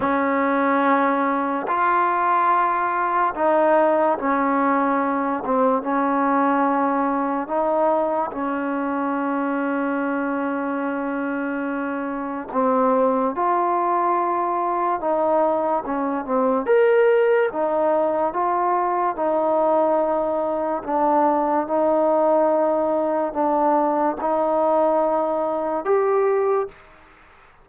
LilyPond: \new Staff \with { instrumentName = "trombone" } { \time 4/4 \tempo 4 = 72 cis'2 f'2 | dis'4 cis'4. c'8 cis'4~ | cis'4 dis'4 cis'2~ | cis'2. c'4 |
f'2 dis'4 cis'8 c'8 | ais'4 dis'4 f'4 dis'4~ | dis'4 d'4 dis'2 | d'4 dis'2 g'4 | }